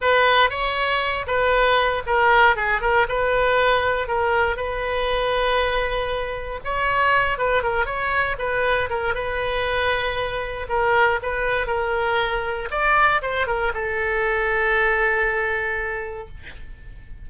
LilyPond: \new Staff \with { instrumentName = "oboe" } { \time 4/4 \tempo 4 = 118 b'4 cis''4. b'4. | ais'4 gis'8 ais'8 b'2 | ais'4 b'2.~ | b'4 cis''4. b'8 ais'8 cis''8~ |
cis''8 b'4 ais'8 b'2~ | b'4 ais'4 b'4 ais'4~ | ais'4 d''4 c''8 ais'8 a'4~ | a'1 | }